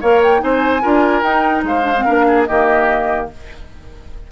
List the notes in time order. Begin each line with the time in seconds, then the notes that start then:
0.00 A#3 A#4 C#5 F5
0.23 G5
0.38 C4 D#4 C5 G#5
0.82 D4 F4 A#4
1.22 D#4 G5
1.63 G#3 C5 F5
1.82 D4
1.97 C4
2.04 A#3 D4 A#4
2.27 G#4
2.44 D#3 A#3 G4 D#5